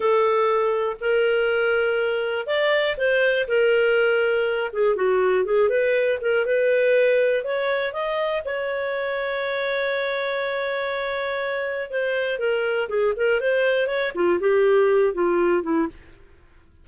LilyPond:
\new Staff \with { instrumentName = "clarinet" } { \time 4/4 \tempo 4 = 121 a'2 ais'2~ | ais'4 d''4 c''4 ais'4~ | ais'4. gis'8 fis'4 gis'8 b'8~ | b'8 ais'8 b'2 cis''4 |
dis''4 cis''2.~ | cis''1 | c''4 ais'4 gis'8 ais'8 c''4 | cis''8 f'8 g'4. f'4 e'8 | }